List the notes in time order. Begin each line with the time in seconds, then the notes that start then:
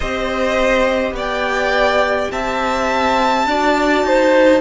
0.00 C4 G4 C5 D#5
1.12 B3 D5
1.19 G5
2.31 C4 E5 A5
3.46 D4 F#4 D5
4.03 D#4 C5